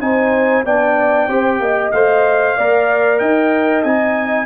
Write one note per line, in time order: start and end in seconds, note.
0.00 0.64 C4
0.00 0.64 D#4
0.00 0.65 C5
0.00 0.64 G#5
0.64 1.28 B3
0.64 1.29 D4
0.64 1.28 D5
0.64 1.91 G5
1.28 1.60 C4
1.28 1.93 G4
1.28 1.60 C5
1.60 1.92 A#3
1.60 2.57 D#5
1.91 2.57 A3
1.91 2.58 C5
1.91 3.19 F5
2.57 3.20 A#3
2.57 3.86 A#4
2.57 3.20 D5
3.19 3.84 D#4
3.19 4.46 D#5
3.19 3.83 G5
3.83 4.46 C4
3.83 4.46 D#4
3.83 4.46 G#5